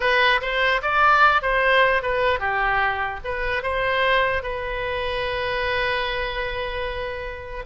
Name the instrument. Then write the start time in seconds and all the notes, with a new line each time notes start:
oboe
0.00 B4
0.41 C5
0.82 D5
1.41 C5
2.02 B4
2.39 G4
3.24 B4
3.62 C5
4.43 B4